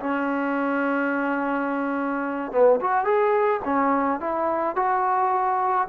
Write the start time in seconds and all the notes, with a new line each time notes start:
0.00 C#4
2.52 B3
2.81 F#4
3.05 G#4
3.65 C#4
4.21 E4
4.76 F#4